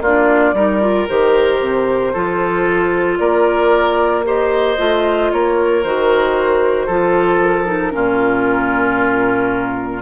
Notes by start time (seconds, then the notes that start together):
0.00 A#3 D4 F4 D5
0.53 G3 D#4 A#4
0.80 F4
1.08 D#3 G4 C5
1.60 C3
2.13 F3 F4 A4
3.18 A#3 A#4 D5
4.24 G4 C5 D#5
4.77 A3 F4
5.32 A#3 A#4 C#5
5.83 D#3 F#4 C5
6.86 F3 F4 A4
7.41 A#4
7.66 D#4
7.91 A#2 C#4 F4